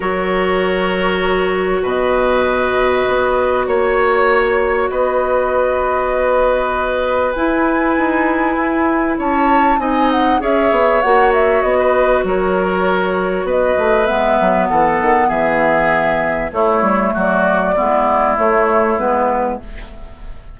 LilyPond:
<<
  \new Staff \with { instrumentName = "flute" } { \time 4/4 \tempo 4 = 98 cis''2. dis''4~ | dis''2 cis''2 | dis''1 | gis''2. a''4 |
gis''8 fis''8 e''4 fis''8 e''8 dis''4 | cis''2 dis''4 e''4 | fis''4 e''2 cis''4 | d''2 cis''4 b'4 | }
  \new Staff \with { instrumentName = "oboe" } { \time 4/4 ais'2. b'4~ | b'2 cis''2 | b'1~ | b'2. cis''4 |
dis''4 cis''2~ cis''16 b'8. | ais'2 b'2 | a'4 gis'2 e'4 | fis'4 e'2. | }
  \new Staff \with { instrumentName = "clarinet" } { \time 4/4 fis'1~ | fis'1~ | fis'1 | e'1 |
dis'4 gis'4 fis'2~ | fis'2. b4~ | b2. a4~ | a4 b4 a4 b4 | }
  \new Staff \with { instrumentName = "bassoon" } { \time 4/4 fis2. b,4~ | b,4 b4 ais2 | b1 | e'4 dis'4 e'4 cis'4 |
c'4 cis'8 b8 ais4 b4 | fis2 b8 a8 gis8 fis8 | e8 dis8 e2 a8 g8 | fis4 gis4 a4 gis4 | }
>>